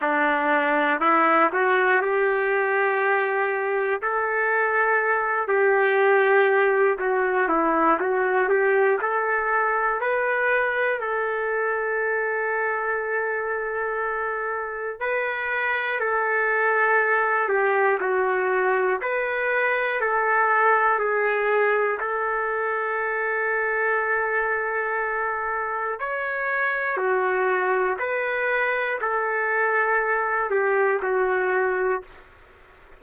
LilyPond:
\new Staff \with { instrumentName = "trumpet" } { \time 4/4 \tempo 4 = 60 d'4 e'8 fis'8 g'2 | a'4. g'4. fis'8 e'8 | fis'8 g'8 a'4 b'4 a'4~ | a'2. b'4 |
a'4. g'8 fis'4 b'4 | a'4 gis'4 a'2~ | a'2 cis''4 fis'4 | b'4 a'4. g'8 fis'4 | }